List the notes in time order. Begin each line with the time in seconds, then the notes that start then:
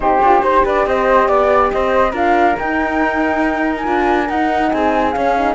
0.00 C4 D#4 G4 C5
0.21 D4 F4
0.41 D#4 G4 C5
0.64 D4 B4 D5
0.85 C4 C5 D#5
1.28 B3 D5
1.71 C4 C5 D#5
2.11 D4 F4 A#4 F5
2.58 D#4 G5
3.76 G#5
3.84 D4 F4
4.28 D#4 F#5
4.71 C4 G#4 G#5
5.11 C#4 F5
5.37 D#4